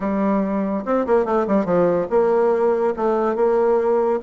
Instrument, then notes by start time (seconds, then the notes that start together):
bassoon
0.00 G3
0.85 C4
1.06 A#3
1.25 A3
1.47 G3
1.65 F3
2.10 A#3
2.96 A3
3.35 A#3